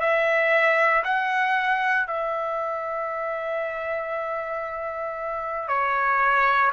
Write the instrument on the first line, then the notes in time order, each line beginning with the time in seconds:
trumpet
0.00 E5
1.04 F#5
2.07 E5
5.68 C#5